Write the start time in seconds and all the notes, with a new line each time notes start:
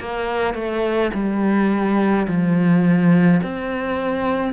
0.00 A#3
0.55 A3
1.14 G3
2.28 F3
3.43 C4